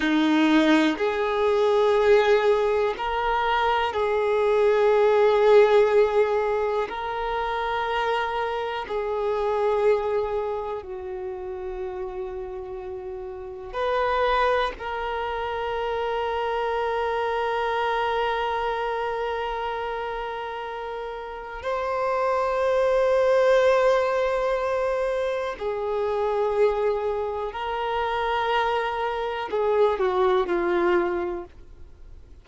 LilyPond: \new Staff \with { instrumentName = "violin" } { \time 4/4 \tempo 4 = 61 dis'4 gis'2 ais'4 | gis'2. ais'4~ | ais'4 gis'2 fis'4~ | fis'2 b'4 ais'4~ |
ais'1~ | ais'2 c''2~ | c''2 gis'2 | ais'2 gis'8 fis'8 f'4 | }